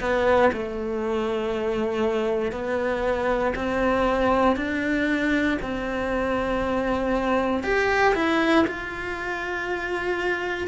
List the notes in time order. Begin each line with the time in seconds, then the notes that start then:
0.00 B3
0.52 A3
2.52 B3
3.55 C4
4.56 D4
5.62 C4
7.63 G4
8.14 E4
8.67 F4